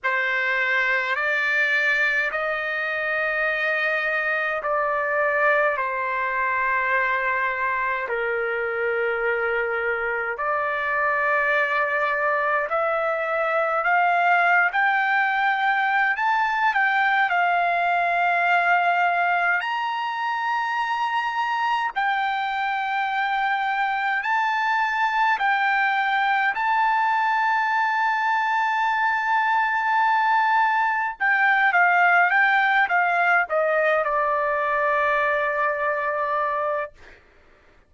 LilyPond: \new Staff \with { instrumentName = "trumpet" } { \time 4/4 \tempo 4 = 52 c''4 d''4 dis''2 | d''4 c''2 ais'4~ | ais'4 d''2 e''4 | f''8. g''4~ g''16 a''8 g''8 f''4~ |
f''4 ais''2 g''4~ | g''4 a''4 g''4 a''4~ | a''2. g''8 f''8 | g''8 f''8 dis''8 d''2~ d''8 | }